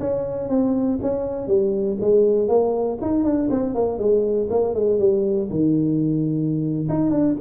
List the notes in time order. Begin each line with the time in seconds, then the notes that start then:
0.00 C#4
0.49 C4
1.02 C#4
1.48 G3
2.01 G#3
2.49 A#3
3.02 D#4
3.25 D4
3.50 C4
3.75 A#3
3.99 G#3
4.50 A#3
4.75 G#3
4.99 G3
5.50 D#3
6.89 D#4
7.11 D4